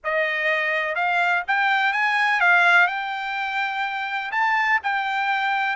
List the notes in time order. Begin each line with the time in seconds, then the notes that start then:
0.03 D#5
0.95 F5
1.47 G5
1.92 G#5
2.40 F5
2.87 G5
4.31 A5
4.83 G5